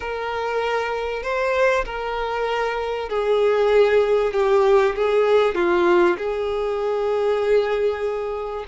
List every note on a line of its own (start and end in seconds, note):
0.00 1.22 A#4
1.23 1.84 C5
1.85 3.09 A#4
3.09 4.33 G#4
4.33 4.95 G4
4.95 5.54 G#4
5.54 6.16 F4
6.17 8.65 G#4